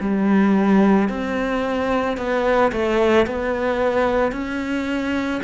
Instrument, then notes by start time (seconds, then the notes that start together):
cello
0.00 G3
1.09 C4
2.17 B3
2.72 A3
3.26 B3
4.32 C#4